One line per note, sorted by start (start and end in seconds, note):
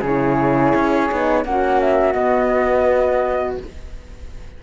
0.00 0.73 C#3
0.00 1.11 E4
0.00 1.43 G#4
0.00 1.44 C#5
0.74 1.10 C#4
1.11 1.44 B3
1.11 1.44 D#4
1.44 2.14 A#3
1.44 2.14 C#4
1.44 3.62 F#4
1.44 1.80 F#5
1.80 2.12 E5
2.12 3.57 B3
2.12 3.55 D#5